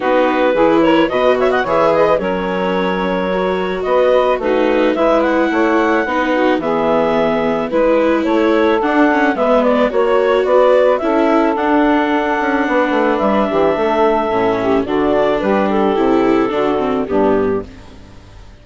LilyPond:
<<
  \new Staff \with { instrumentName = "clarinet" } { \time 4/4 \tempo 4 = 109 b'4. cis''8 dis''8 e''16 fis''16 e''8 dis''8 | cis''2. dis''4 | b'4 e''8 fis''2~ fis''8 | e''2 b'4 cis''4 |
fis''4 e''8 d''8 cis''4 d''4 | e''4 fis''2. | e''2. d''4 | b'8 a'2~ a'8 g'4 | }
  \new Staff \with { instrumentName = "saxophone" } { \time 4/4 fis'4 gis'8 ais'8 b'8 cis''16 dis''16 cis''8 b'8 | ais'2. b'4 | fis'4 b'4 cis''4 b'8 fis'8 | gis'2 b'4 a'4~ |
a'4 b'4 cis''4 b'4 | a'2. b'4~ | b'8 g'8 a'4. g'8 fis'4 | g'2 fis'4 d'4 | }
  \new Staff \with { instrumentName = "viola" } { \time 4/4 dis'4 e'4 fis'4 gis'4 | cis'2 fis'2 | dis'4 e'2 dis'4 | b2 e'2 |
d'8 cis'8 b4 fis'2 | e'4 d'2.~ | d'2 cis'4 d'4~ | d'4 e'4 d'8 c'8 b4 | }
  \new Staff \with { instrumentName = "bassoon" } { \time 4/4 b4 e4 b,4 e4 | fis2. b4 | a4 gis4 a4 b4 | e2 gis4 a4 |
d'4 gis4 ais4 b4 | cis'4 d'4. cis'8 b8 a8 | g8 e8 a4 a,4 d4 | g4 c4 d4 g,4 | }
>>